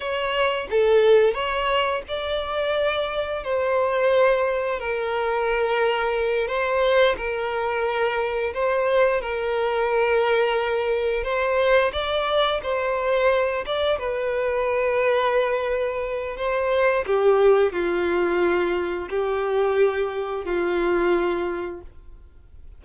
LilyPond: \new Staff \with { instrumentName = "violin" } { \time 4/4 \tempo 4 = 88 cis''4 a'4 cis''4 d''4~ | d''4 c''2 ais'4~ | ais'4. c''4 ais'4.~ | ais'8 c''4 ais'2~ ais'8~ |
ais'8 c''4 d''4 c''4. | d''8 b'2.~ b'8 | c''4 g'4 f'2 | g'2 f'2 | }